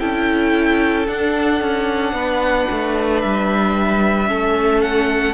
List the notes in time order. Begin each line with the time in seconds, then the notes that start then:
0.00 C#4 E4 A4 G5
1.08 D4 F#5
1.61 C#4
2.13 B3 B4
2.72 A3
3.21 G3 E5
4.27 A3 C#4 A4
4.82 F#5